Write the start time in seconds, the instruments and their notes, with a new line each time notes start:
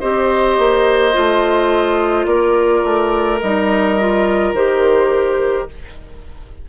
0.00 bassoon C4, clarinet G4, oboe C5, flute D#5
0.58 bassoon A#3
1.13 bassoon A3, clarinet F4
2.26 bassoon A#3, oboe A#4, flute D5
2.84 bassoon A3
3.41 bassoon G3, clarinet D#4, flute D#5
4.00 clarinet F4
4.53 bassoon D#3, clarinet G4, flute C5